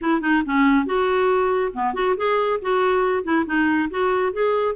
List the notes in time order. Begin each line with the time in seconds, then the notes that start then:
0.01 E4
0.21 D#4
0.45 C#4
0.86 F#4
1.73 B3
1.94 F#4
2.16 G#4
2.61 F#4
3.23 E4
3.46 D#4
3.90 F#4
4.33 G#4